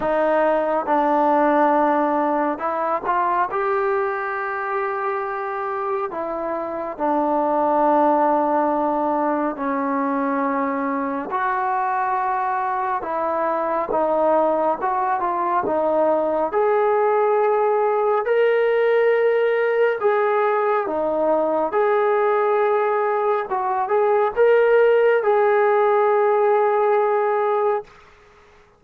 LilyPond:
\new Staff \with { instrumentName = "trombone" } { \time 4/4 \tempo 4 = 69 dis'4 d'2 e'8 f'8 | g'2. e'4 | d'2. cis'4~ | cis'4 fis'2 e'4 |
dis'4 fis'8 f'8 dis'4 gis'4~ | gis'4 ais'2 gis'4 | dis'4 gis'2 fis'8 gis'8 | ais'4 gis'2. | }